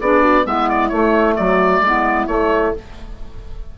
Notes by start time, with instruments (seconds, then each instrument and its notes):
0.00 bassoon B3, clarinet D4, horn G#4, oboe D5
0.21 horn F#4
0.44 bassoon G#3, clarinet B3, horn E4, oboe E5
0.69 oboe D5
0.88 bassoon A3, clarinet A3, oboe C#5
1.36 bassoon F#3, horn F#4, oboe D5
1.80 bassoon G#3, clarinet B3
1.86 horn E4
2.26 bassoon A3, clarinet A3, oboe C#5